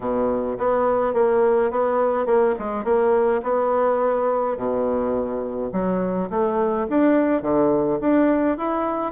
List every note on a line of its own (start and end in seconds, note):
0.00 0.57 B2
0.57 1.13 B3
1.13 1.70 A#3
1.70 2.26 B3
2.26 2.54 A#3
2.58 2.84 G#3
2.84 3.41 A#3
3.43 4.57 B3
4.57 5.71 B2
5.72 6.29 F#3
6.29 6.86 A3
6.89 7.42 D4
7.42 7.99 D3
8.00 8.57 D4
8.57 9.12 E4